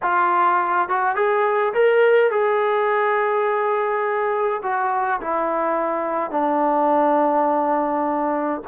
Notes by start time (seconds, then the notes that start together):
0.02 F4
0.88 F#4
1.15 G#4
1.73 A#4
2.30 G#4
4.62 F#4
5.21 E4
6.30 D4